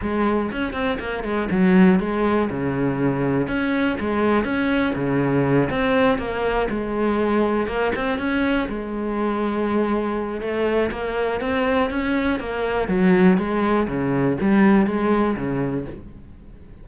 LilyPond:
\new Staff \with { instrumentName = "cello" } { \time 4/4 \tempo 4 = 121 gis4 cis'8 c'8 ais8 gis8 fis4 | gis4 cis2 cis'4 | gis4 cis'4 cis4. c'8~ | c'8 ais4 gis2 ais8 |
c'8 cis'4 gis2~ gis8~ | gis4 a4 ais4 c'4 | cis'4 ais4 fis4 gis4 | cis4 g4 gis4 cis4 | }